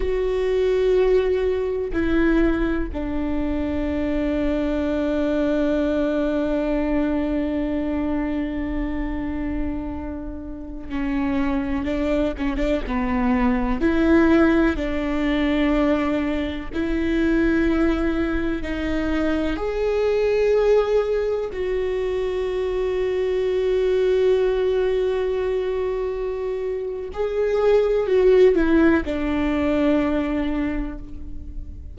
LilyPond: \new Staff \with { instrumentName = "viola" } { \time 4/4 \tempo 4 = 62 fis'2 e'4 d'4~ | d'1~ | d'2.~ d'16 cis'8.~ | cis'16 d'8 cis'16 d'16 b4 e'4 d'8.~ |
d'4~ d'16 e'2 dis'8.~ | dis'16 gis'2 fis'4.~ fis'16~ | fis'1 | gis'4 fis'8 e'8 d'2 | }